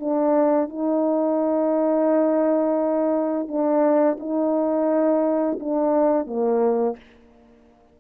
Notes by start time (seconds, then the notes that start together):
0.00 D4
0.69 D#4
3.48 D4
4.20 D#4
5.60 D4
6.27 A#3